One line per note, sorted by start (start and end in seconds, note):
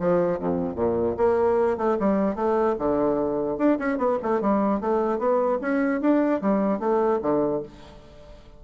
0.00 0.40 F3
0.40 0.76 F2
0.76 1.16 A#2
1.17 1.78 A#3
1.78 1.98 A3
2.00 2.36 G3
2.36 2.76 A3
2.79 3.58 D3
3.58 3.78 D4
3.79 3.98 C#4
3.98 4.18 B3
4.23 4.41 A3
4.41 4.81 G3
4.81 5.19 A3
5.19 5.59 B3
5.62 6.01 C#4
6.01 6.42 D4
6.42 6.80 G3
6.80 7.20 A3
7.23 7.63 D3